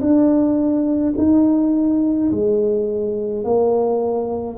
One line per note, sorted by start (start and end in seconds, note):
0.00 1.13 D4
1.17 2.31 D#4
2.31 3.44 G#3
3.44 4.57 A#3